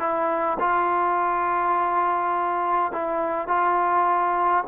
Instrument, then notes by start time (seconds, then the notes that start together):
trombone
0.00 E4
0.60 F4
2.93 E4
3.48 F4